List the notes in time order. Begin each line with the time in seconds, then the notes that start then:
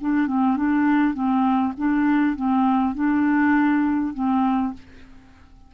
0.00 D4
0.26 C4
0.56 D4
1.13 C4
1.77 D4
2.35 C4
2.94 D4
4.14 C4